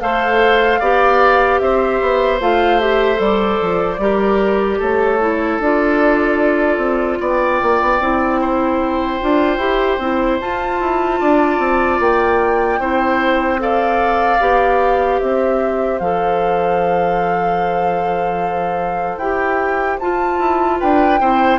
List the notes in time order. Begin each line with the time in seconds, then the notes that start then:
0.00 A3 A4 C5 F5
0.79 B3 G4 D5
1.59 C4 C5 E5
2.01 B3
2.40 A3 F4 F5
2.80 G4 E5
3.16 G3 A4 D5
3.61 F3
3.98 G3 G4 A#4
4.78 A3 A4 C#5
5.20 E4
5.59 D4 F4 D5
6.78 C4
7.20 B3 D5 G5
7.62 A#3
7.82 B3
8.00 C4 E4
8.41 C5
9.20 D4 F4
9.58 E4 G4
9.99 C4 E4
10.40 F4 A5
10.81 E4
11.20 D4 D5
11.59 C4
12.00 A#3 G5
12.79 C4 E4 C5
13.59 A4 D5 F5
14.40 B3 G4
15.20 C4 C5 E5
15.99 F3 A4 F5
19.17 E4 G4 G5
19.99 F4 A5
20.39 E4
20.80 D4 B4 G5
21.20 C4 E4 C5